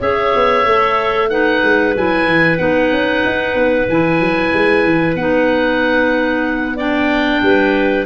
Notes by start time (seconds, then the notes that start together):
0.00 C#4 G#4 C#5 E5
0.36 B3
0.65 A3 A4
1.30 D#4 B4 F#5
1.63 G#3
1.96 F#3 E4 G#5
2.26 E3
2.58 B3 D#4 F#5
2.92 C#4
3.26 D#4
3.55 B3
3.89 E3 E4 G#5
4.20 F#3
4.54 G#3
4.85 E3
5.15 B3 D#4 F#5
6.76 D4 D5 G5
7.42 G3 B4